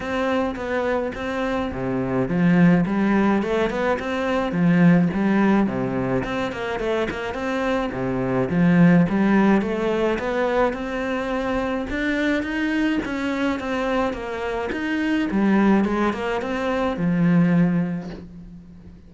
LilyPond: \new Staff \with { instrumentName = "cello" } { \time 4/4 \tempo 4 = 106 c'4 b4 c'4 c4 | f4 g4 a8 b8 c'4 | f4 g4 c4 c'8 ais8 | a8 ais8 c'4 c4 f4 |
g4 a4 b4 c'4~ | c'4 d'4 dis'4 cis'4 | c'4 ais4 dis'4 g4 | gis8 ais8 c'4 f2 | }